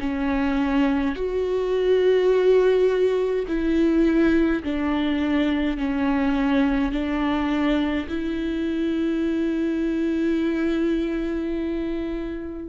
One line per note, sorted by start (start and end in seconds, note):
0.00 1.15 C#4
1.15 3.46 F#4
3.48 4.63 E4
4.64 5.77 D4
5.77 6.92 C#4
6.92 8.08 D4
8.09 12.69 E4